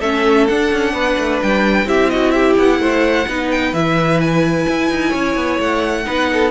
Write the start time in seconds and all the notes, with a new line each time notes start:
0.00 A3 C#4 A4 E5
0.47 D4 F#5
0.73 C#4
0.93 B3 B4
1.18 A3
1.43 G3 G5
1.85 C4 E4 G4 E5
2.10 F#4 D#5
2.31 G4 E5
2.59 B3 F#5
2.79 A3 C5
3.28 B3 D#4 B4
3.51 G5
3.73 E3 E4 E5
4.21 G#5
4.69 E4
4.90 D#4
5.09 C#4 C#5
5.36 B3
5.60 A3 F#5
6.05 B3 D#4 B4
6.33 A4